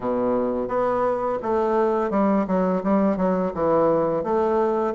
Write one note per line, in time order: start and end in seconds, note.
0.00 0.68 B2
0.68 1.38 B3
1.42 2.10 A3
2.10 2.45 G3
2.47 2.82 F#3
2.83 3.16 G3
3.16 3.52 F#3
3.54 4.23 E3
4.23 4.94 A3